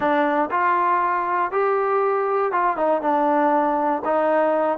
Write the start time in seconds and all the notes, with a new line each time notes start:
0.00 D4
0.50 F4
1.51 G4
2.52 F4
2.76 D#4
3.01 D4
4.05 D#4